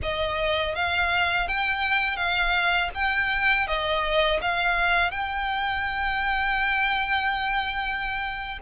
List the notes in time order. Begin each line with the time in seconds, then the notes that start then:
0.02 D#5
0.75 F5
1.47 G5
2.16 F5
2.94 G5
3.67 D#5
4.41 F5
5.11 G5